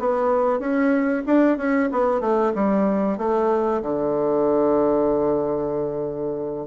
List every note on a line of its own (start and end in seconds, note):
0.00 0.59 B3
0.59 1.23 C#4
1.27 1.58 D4
1.58 1.90 C#4
1.92 2.21 B3
2.21 2.53 A3
2.55 3.18 G3
3.18 3.82 A3
3.82 6.67 D3